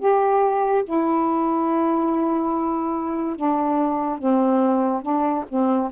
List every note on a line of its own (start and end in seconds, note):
0.00 0.85 G4
0.85 3.36 E4
3.36 4.19 D4
4.19 5.02 C4
5.02 5.45 D4
5.49 5.92 C4